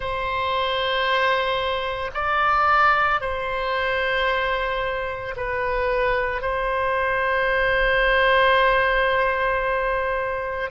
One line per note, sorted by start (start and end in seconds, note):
0.00 2.10 C5
2.14 3.20 D5
3.20 5.35 C5
5.36 6.41 B4
6.41 10.70 C5